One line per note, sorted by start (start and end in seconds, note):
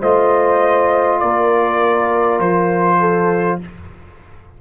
0.00 1.22 A3
0.00 3.62 F4
0.00 1.20 C5
0.00 1.20 D#5
1.20 2.40 A#3
1.20 3.00 A#4
1.20 2.40 D5
2.40 3.60 F3
2.40 3.60 C5
3.00 3.60 A4